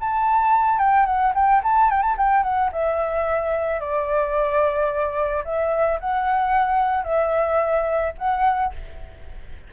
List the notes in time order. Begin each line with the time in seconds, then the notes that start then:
0.00 A5
0.78 G5
1.06 F#5
1.34 G5
1.63 A5
1.90 G5
2.02 A5
2.17 G5
2.43 F#5
2.72 E5
3.80 D5
5.44 E5
6.00 F#5
7.04 E5
8.18 F#5